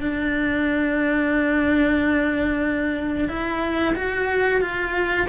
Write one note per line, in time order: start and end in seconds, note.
0.00 3.28 D4
3.28 3.94 E4
3.95 4.61 F#4
4.61 5.27 F4